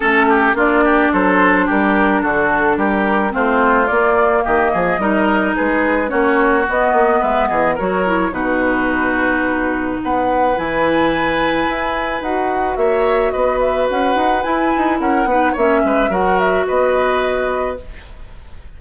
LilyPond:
<<
  \new Staff \with { instrumentName = "flute" } { \time 4/4 \tempo 4 = 108 a'4 d''4 c''4 ais'4 | a'4 ais'4 c''4 d''4 | dis''2 b'4 cis''4 | dis''4 e''8 dis''8 cis''4 b'4~ |
b'2 fis''4 gis''4~ | gis''2 fis''4 e''4 | dis''8 e''8 fis''4 gis''4 fis''4 | e''4 fis''8 e''8 dis''2 | }
  \new Staff \with { instrumentName = "oboe" } { \time 4/4 a'8 g'8 f'8 g'8 a'4 g'4 | fis'4 g'4 f'2 | g'8 gis'8 ais'4 gis'4 fis'4~ | fis'4 b'8 gis'8 ais'4 fis'4~ |
fis'2 b'2~ | b'2. cis''4 | b'2. ais'8 b'8 | cis''8 b'8 ais'4 b'2 | }
  \new Staff \with { instrumentName = "clarinet" } { \time 4/4 cis'4 d'2.~ | d'2 c'4 ais4~ | ais4 dis'2 cis'4 | b2 fis'8 e'8 dis'4~ |
dis'2. e'4~ | e'2 fis'2~ | fis'2 e'4. dis'8 | cis'4 fis'2. | }
  \new Staff \with { instrumentName = "bassoon" } { \time 4/4 a4 ais4 fis4 g4 | d4 g4 a4 ais4 | dis8 f8 g4 gis4 ais4 | b8 ais8 gis8 e8 fis4 b,4~ |
b,2 b4 e4~ | e4 e'4 dis'4 ais4 | b4 cis'8 dis'8 e'8 dis'8 cis'8 b8 | ais8 gis8 fis4 b2 | }
>>